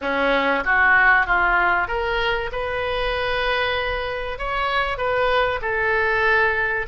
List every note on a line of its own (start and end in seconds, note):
0.01 0.63 C#4
0.64 1.26 F#4
1.26 1.88 F4
1.88 2.50 A#4
2.51 4.38 B4
4.38 4.97 C#5
4.97 5.60 B4
5.61 6.86 A4